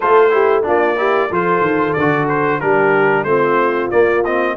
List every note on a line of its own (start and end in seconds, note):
0.00 0.67 A3
0.00 0.30 F4
0.00 0.32 A4
0.00 0.64 C5
0.30 0.62 E4
0.30 0.65 G4
0.62 1.30 A#3
0.62 0.95 D4
0.62 0.98 F4
0.62 1.33 D5
0.97 1.29 E4
0.97 1.30 G4
1.30 1.60 F3
1.30 1.97 F4
1.30 2.60 A4
1.30 1.93 C5
1.60 1.93 D#3
1.93 2.62 D3
1.93 2.25 D5
1.99 2.60 F#4
2.28 2.60 C5
2.60 3.24 G3
2.60 3.26 D4
2.60 3.26 G4
2.60 3.24 A#4
3.24 3.89 A3
3.24 3.91 C4
3.24 4.56 F4
3.24 3.89 C5
3.90 4.24 A#3
3.90 4.56 A#3
3.90 4.23 D5
4.24 4.56 C4
4.24 4.56 D#5